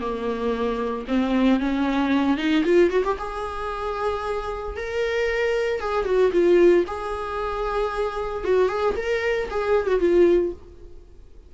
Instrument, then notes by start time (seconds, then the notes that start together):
viola
0.00 A#3
1.07 C4
1.60 C#4
2.37 D#4
2.64 F4
2.90 F#4
3.04 G4
3.18 G#4
4.77 A#4
5.80 G#4
6.05 F#4
6.32 F4
6.87 G#4
8.44 F#4
8.68 G#4
8.96 A#4
9.50 G#4
9.87 F#4
10.00 F4